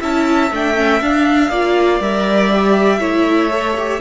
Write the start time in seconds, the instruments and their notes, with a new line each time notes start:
0.00 cello C#4, viola E4, violin E5 A5
0.51 cello A3, viola D4, violin G5
0.75 viola C#4
1.01 viola D4, cello D4, violin F5
1.49 cello A#3, viola F4, violin D5
2.00 cello G3, viola A#4, violin E5
2.52 viola G4
2.99 cello A3, viola E4, violin C#5
3.50 viola A4
3.77 viola G4